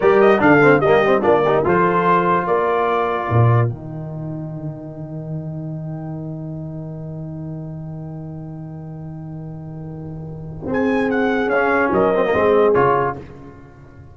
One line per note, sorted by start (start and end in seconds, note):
0.00 0.40 G3
0.00 0.38 G4
0.00 0.41 A#4
0.00 0.20 D5
0.20 0.41 D#5
0.38 0.80 D3
0.38 0.59 D4
0.38 0.82 A4
0.38 0.81 F5
0.61 0.82 C4
0.80 1.21 G3
0.80 1.05 A#3
0.80 1.22 G4
0.80 1.22 D#5
1.05 1.21 C4
1.21 1.64 A#3
1.21 1.41 D4
1.21 1.43 F4
1.21 1.63 D5
1.44 1.65 D#4
1.44 1.64 G4
1.65 2.46 F3
1.65 3.69 F4
1.65 2.47 A4
1.65 2.46 C5
2.46 3.29 A#3
2.46 10.69 A#4
2.46 3.68 D5
3.29 3.69 A#2
3.68 10.66 D#3
3.68 11.49 D#4
3.68 10.67 G5
10.66 11.46 C4
10.66 11.92 G#4
10.72 11.10 G#5
11.10 11.49 F#5
11.46 11.87 C#4
11.46 11.90 F5
11.53 12.14 C#4
11.91 12.32 F#3
11.91 12.33 A#4
11.91 12.74 D#5
12.14 12.24 C4
12.24 12.33 A#3
12.33 12.75 G#3
12.33 12.74 C4
12.33 13.17 G#4
12.74 13.16 C#3
12.74 13.15 F4
12.74 13.15 C#5